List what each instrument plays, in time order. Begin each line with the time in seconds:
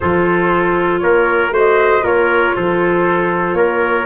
0.00 tuba F3, clarinet F4, trumpet A4, flute C5
0.99 tuba A#3, trumpet A#4, flute C#5
1.51 tuba A3, clarinet F#4, trumpet C5
1.57 flute D#5
2.01 tuba A#3, clarinet F4, trumpet A#4, flute C#5
2.55 tuba F3, trumpet A4, flute C5
3.53 tuba A#3, trumpet A#4, flute C#5